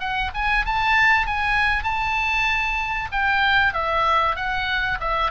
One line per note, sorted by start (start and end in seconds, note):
0.00 0.31 F#5
0.34 0.66 G#5
0.66 1.27 A5
1.27 1.84 G#5
1.84 3.09 A5
3.12 3.74 G5
3.74 4.36 E5
4.36 4.99 F#5
5.01 5.31 E5